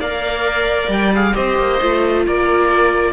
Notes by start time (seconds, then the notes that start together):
0.00 A#3 A#4 D5 F5
0.89 G3 G5
1.15 G#4 F5
1.35 C4 G4 C5 D#5
1.59 A#3
1.82 A3 F4
2.27 A#3 A#4 D5